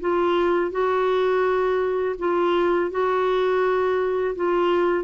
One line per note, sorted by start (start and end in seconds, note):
0.00 0.71 F4
0.71 2.15 F#4
2.18 2.90 F4
2.90 4.35 F#4
4.35 5.04 F4